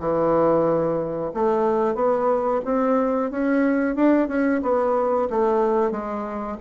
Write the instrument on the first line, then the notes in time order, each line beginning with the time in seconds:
bassoon
0.00 E3
1.34 A3
1.95 B3
2.65 C4
3.31 C#4
3.96 D4
4.29 C#4
4.63 B3
5.30 A3
5.92 G#3